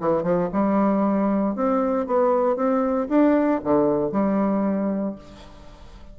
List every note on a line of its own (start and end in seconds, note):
0.00 0.23 E3
0.23 0.49 F3
0.53 1.56 G3
1.56 2.06 C4
2.06 2.56 B3
2.56 3.08 C4
3.09 3.61 D4
3.64 4.12 D3
4.12 5.15 G3